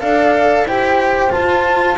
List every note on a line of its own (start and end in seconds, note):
0.00 0.63 D4
0.00 0.66 A4
0.00 0.66 D5
0.00 0.66 F5
0.63 1.29 E4
0.63 1.30 G4
0.63 1.98 C5
0.63 1.31 G5
1.30 1.96 F4
1.30 1.98 F4
1.30 1.97 A5